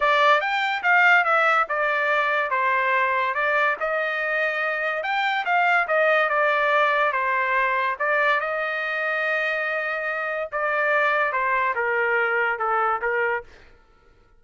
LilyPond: \new Staff \with { instrumentName = "trumpet" } { \time 4/4 \tempo 4 = 143 d''4 g''4 f''4 e''4 | d''2 c''2 | d''4 dis''2. | g''4 f''4 dis''4 d''4~ |
d''4 c''2 d''4 | dis''1~ | dis''4 d''2 c''4 | ais'2 a'4 ais'4 | }